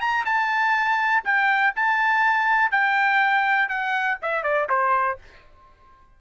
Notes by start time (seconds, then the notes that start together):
0.00 A#5
0.25 A5
1.24 G5
1.75 A5
2.71 G5
3.69 F#5
4.22 E5
4.43 D5
4.69 C5